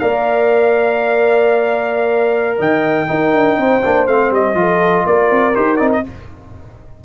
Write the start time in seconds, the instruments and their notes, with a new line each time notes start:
0.00 tuba A#3, trombone A#4, horn D5, trumpet F5
2.59 tuba D#3, horn D#5, trumpet G5
3.08 trombone D#4, tuba D#4, horn A#4
3.35 tuba D4
3.58 tuba C4, horn C5
3.85 tuba A#3, trombone D4
4.08 tuba A3, trombone C4, trumpet F5
4.31 tuba G3, trumpet D#5
4.55 tuba F3, trombone F4, horn A4
5.06 tuba A#3, horn A#4, trumpet D5
5.31 tuba C4
5.54 tuba D#4, trombone G4, trumpet C5
5.77 tuba C4, trombone D#4, trumpet D5
5.93 trumpet D#5